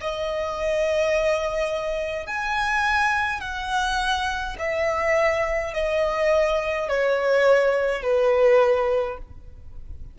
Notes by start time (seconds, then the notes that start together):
0.00 D#5
2.27 G#5
3.40 F#5
4.58 E5
5.73 D#5
6.88 C#5
8.02 B4